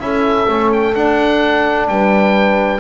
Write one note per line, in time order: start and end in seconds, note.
0.00 0.47 C#4
0.00 0.47 E4
0.00 1.90 A4
0.00 0.71 E5
0.48 0.95 A3
0.48 0.95 C#4
0.73 0.95 G5
0.95 2.80 D4
0.95 1.88 D4
0.95 1.88 F#5
1.88 2.80 G3
1.88 2.80 B4
1.88 2.80 G5